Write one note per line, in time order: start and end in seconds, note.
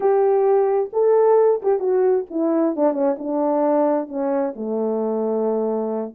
0.00 0.90 G4
0.93 1.61 A4
1.62 1.79 G4
1.79 2.25 F#4
2.30 2.75 E4
2.75 2.93 D4
2.93 3.16 C#4
3.18 4.08 D4
4.08 4.53 C#4
4.55 6.14 A3